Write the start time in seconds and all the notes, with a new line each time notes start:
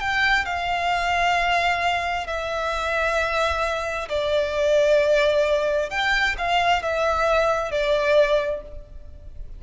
0.00 G5
0.45 F5
2.27 E5
4.09 D5
5.90 G5
6.38 F5
6.82 E5
7.71 D5